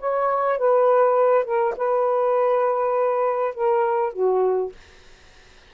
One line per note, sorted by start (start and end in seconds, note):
0.00 0.58 C#5
0.58 1.45 B4
1.45 1.74 A#4
1.77 3.55 B4
3.55 4.13 A#4
4.13 4.73 F#4